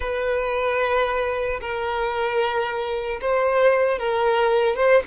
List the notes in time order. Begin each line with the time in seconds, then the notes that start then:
0.00 B4
1.60 A#4
3.21 C5
3.98 A#4
4.76 C5